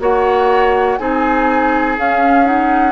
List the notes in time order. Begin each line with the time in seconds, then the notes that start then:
0.00 A#3 F#4 C#5 F#5
0.98 C4 D#4 G#4 G#5
1.98 C#4 F5
2.45 D#4 F#5